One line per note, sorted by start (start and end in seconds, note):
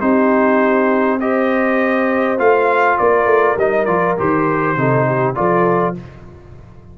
0.00 2.38 C4
0.00 1.20 D#4
0.00 1.19 G4
0.00 1.19 C5
1.20 2.38 G4
1.20 2.99 C5
1.20 2.39 D#5
2.38 2.98 A3
2.38 3.56 F4
2.38 2.98 F5
2.98 3.25 A#3
2.98 4.77 A#4
2.98 3.57 D5
3.25 3.55 A3
3.57 3.86 G3
3.57 3.87 D#4
3.57 3.85 D#5
3.85 4.16 F3
3.85 4.17 F4
3.85 4.15 D5
4.17 4.76 D#3
4.17 4.76 G4
4.17 5.35 C5
4.76 5.35 C3
4.76 5.35 D#4
4.76 5.06 A4
5.06 5.36 G4
5.35 5.98 F3
5.35 5.94 F4
5.35 5.95 A4
5.35 5.94 D5